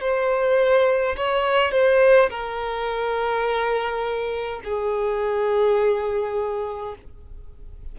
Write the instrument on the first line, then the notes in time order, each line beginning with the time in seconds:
violin
0.00 C5
1.16 C#5
1.71 C5
2.29 A#4
4.64 G#4